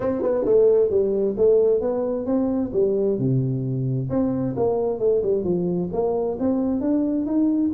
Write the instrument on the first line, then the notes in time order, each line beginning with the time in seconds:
tuba
0.00 C4
0.21 B3
0.45 A3
0.90 G3
1.37 A3
1.80 B3
2.26 C4
2.72 G3
3.18 C3
4.09 C4
4.56 A#3
4.99 A3
5.22 G3
5.44 F3
5.92 A#3
6.39 C4
6.81 D4
7.25 D#4